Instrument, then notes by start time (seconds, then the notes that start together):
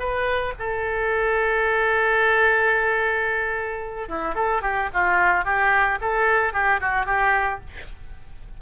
oboe
0.00 B4
0.60 A4
4.09 E4
4.35 A4
4.62 G4
4.94 F4
5.45 G4
6.02 A4
6.54 G4
6.81 F#4
7.06 G4